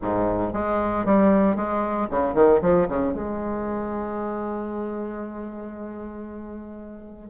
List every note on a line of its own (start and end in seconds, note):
0.01 0.53 G#2
0.53 1.05 G#3
1.05 1.56 G3
1.56 2.08 G#3
2.10 2.34 C#3
2.34 2.60 D#3
2.61 2.87 F3
2.89 3.13 C#3
3.13 7.30 G#3